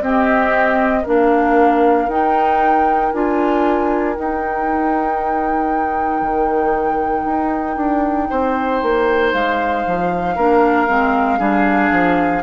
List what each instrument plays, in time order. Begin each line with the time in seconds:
0.00 bassoon C4, clarinet C4, oboe G4, flute D#5
1.03 bassoon A#3, clarinet D4, oboe A#4, flute F5
2.07 bassoon D#4, clarinet D#4, flute G5
3.11 bassoon D4, clarinet F4, flute G#5
4.15 clarinet D#4, bassoon D#4, flute G5
6.21 bassoon D#3
7.25 bassoon D#4
7.76 bassoon D4
8.30 bassoon C4, oboe C5
8.82 bassoon A#3
9.32 bassoon G#3, flute F5
9.86 bassoon F3
10.35 bassoon A#3, clarinet D4, oboe A#4
10.87 bassoon G#3, clarinet C4
11.39 bassoon G3, clarinet D4, oboe G#4
11.91 bassoon F3